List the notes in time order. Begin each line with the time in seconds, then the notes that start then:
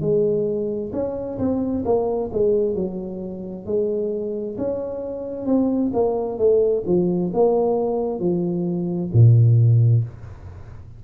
0.00 G#3
0.92 C#4
1.38 C4
1.84 A#3
2.32 G#3
2.74 F#3
3.65 G#3
4.57 C#4
5.45 C4
5.93 A#3
6.38 A3
6.86 F3
7.33 A#3
8.19 F3
9.12 A#2